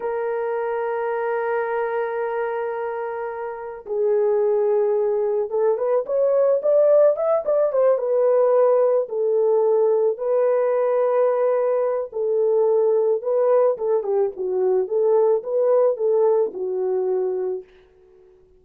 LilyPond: \new Staff \with { instrumentName = "horn" } { \time 4/4 \tempo 4 = 109 ais'1~ | ais'2. gis'4~ | gis'2 a'8 b'8 cis''4 | d''4 e''8 d''8 c''8 b'4.~ |
b'8 a'2 b'4.~ | b'2 a'2 | b'4 a'8 g'8 fis'4 a'4 | b'4 a'4 fis'2 | }